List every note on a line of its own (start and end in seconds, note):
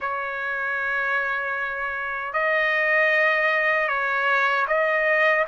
0.00 2.33 C#5
2.33 3.87 D#5
3.87 4.65 C#5
4.67 5.45 D#5